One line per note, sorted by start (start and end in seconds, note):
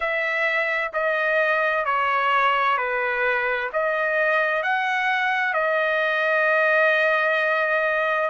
0.00 0.91 E5
0.93 1.85 D#5
1.85 2.77 C#5
2.77 3.69 B4
3.72 4.62 D#5
4.62 5.53 F#5
5.53 8.29 D#5